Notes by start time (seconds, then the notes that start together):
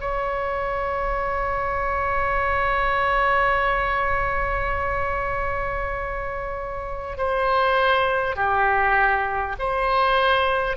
0.00 C#5
7.17 C5
8.36 G4
9.59 C5